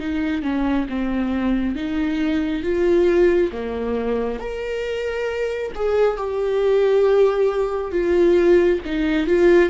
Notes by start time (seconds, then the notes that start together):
0.00 D#4
0.43 C#4
0.89 C4
1.76 D#4
2.64 F4
3.53 A#3
4.40 A#4
5.76 G#4
6.18 G4
7.92 F4
8.85 D#4
9.27 F4